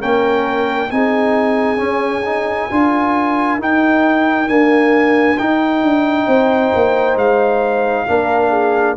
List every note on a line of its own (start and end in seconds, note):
0.00 0.92 A#3
0.00 0.90 C#4
0.00 0.90 A#4
0.00 0.91 G5
0.90 1.80 C4
0.90 1.77 D#4
0.90 2.72 G#4
0.90 3.60 G#5
1.77 2.22 C#4
1.77 2.70 C#4
2.25 2.70 D#4
2.71 3.59 D4
2.71 3.60 F4
2.71 6.27 A#4
3.59 4.49 D#4
3.59 4.48 D#4
3.59 4.49 G5
4.48 5.37 A#3
4.48 5.39 D4
4.48 5.38 G#5
5.38 8.08 D#4
5.38 5.82 D#4
5.38 7.18 G5
5.82 6.27 D4
6.27 6.73 C4
6.27 8.06 C5
6.75 7.16 A#3
7.16 8.06 G#3
7.16 8.97 F5
8.08 8.97 A#3
8.08 8.97 D4
8.08 8.51 A#4
8.51 8.96 G#4